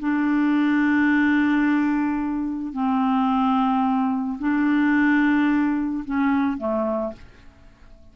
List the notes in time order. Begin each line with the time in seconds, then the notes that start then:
0.00 D4
2.73 C4
4.39 D4
6.05 C#4
6.58 A3